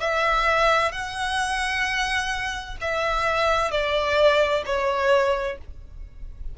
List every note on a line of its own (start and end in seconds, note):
0.00 0.92 E5
0.92 2.77 F#5
2.81 3.71 E5
3.71 4.63 D5
4.65 5.58 C#5